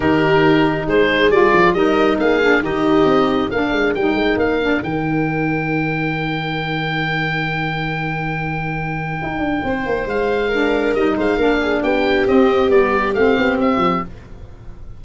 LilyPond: <<
  \new Staff \with { instrumentName = "oboe" } { \time 4/4 \tempo 4 = 137 ais'2 c''4 d''4 | dis''4 f''4 dis''2 | f''4 g''4 f''4 g''4~ | g''1~ |
g''1~ | g''2. f''4~ | f''4 dis''8 f''4. g''4 | dis''4 d''4 f''4 e''4 | }
  \new Staff \with { instrumentName = "viola" } { \time 4/4 g'2 gis'2 | ais'4 gis'4 g'2 | ais'1~ | ais'1~ |
ais'1~ | ais'2 c''2 | ais'4. c''8 ais'8 gis'8 g'4~ | g'1 | }
  \new Staff \with { instrumentName = "saxophone" } { \time 4/4 dis'2. f'4 | dis'4. d'8 dis'2 | d'4 dis'4. d'8 dis'4~ | dis'1~ |
dis'1~ | dis'1 | d'4 dis'4 d'2 | c'4 b4 c'2 | }
  \new Staff \with { instrumentName = "tuba" } { \time 4/4 dis2 gis4 g8 f8 | g4 ais4 dis4 c'4 | ais8 gis8 g8 gis8 ais4 dis4~ | dis1~ |
dis1~ | dis4 dis'8 d'8 c'8 ais8 gis4~ | gis4 g8 gis8 ais4 b4 | c'4 g4 a8 b8 c'8 f8 | }
>>